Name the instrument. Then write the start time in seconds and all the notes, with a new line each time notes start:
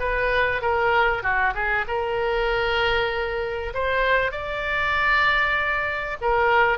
oboe
0.00 B4
0.62 A#4
1.23 F#4
1.55 G#4
1.88 A#4
3.74 C5
4.32 D5
6.22 A#4